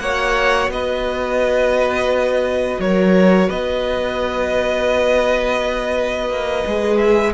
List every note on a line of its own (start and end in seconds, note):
0.00 0.69 A#3
0.00 6.63 F#4
0.00 0.72 C#5
0.00 0.70 F#5
0.69 2.78 B3
0.69 2.81 B4
0.69 2.81 D#5
2.80 3.49 F#3
2.80 3.49 A#4
2.80 3.50 C#5
3.49 6.30 B3
3.49 7.33 B4
3.49 6.98 D#5
6.30 6.65 A#3
6.67 7.35 G#3
6.67 7.35 G#4
6.98 7.33 E5